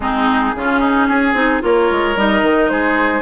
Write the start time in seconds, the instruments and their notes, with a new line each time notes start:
0.00 bassoon G#3, clarinet C4, oboe D#4, flute G#4
0.55 bassoon C#3, clarinet C#4, oboe F4
0.80 oboe D#4
1.08 bassoon C#4, oboe G#4
1.33 bassoon C4, clarinet D#4
1.61 bassoon A#3, clarinet F4, oboe A#4, flute C#5
1.91 bassoon G#3
2.16 bassoon G3, clarinet D#4, flute D#5
2.42 bassoon D#3
2.68 bassoon G#3, oboe G#4, flute C5